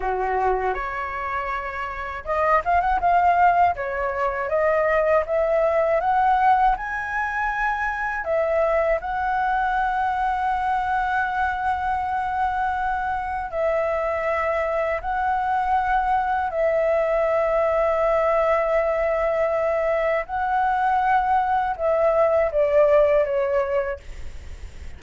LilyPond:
\new Staff \with { instrumentName = "flute" } { \time 4/4 \tempo 4 = 80 fis'4 cis''2 dis''8 f''16 fis''16 | f''4 cis''4 dis''4 e''4 | fis''4 gis''2 e''4 | fis''1~ |
fis''2 e''2 | fis''2 e''2~ | e''2. fis''4~ | fis''4 e''4 d''4 cis''4 | }